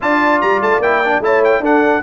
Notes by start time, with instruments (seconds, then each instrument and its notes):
0.01 tuba D4, trombone F4, horn D5, trumpet A5
0.41 tuba G3, trumpet A#5
0.61 tuba A3, trumpet A5
0.78 tuba A#3, trombone E4, trumpet G5
1.04 trombone D4
1.20 tuba A3, trombone E4, horn C#5, trumpet A5
1.44 trumpet G5
1.59 tuba D4, trombone D4, horn A4, trumpet F#5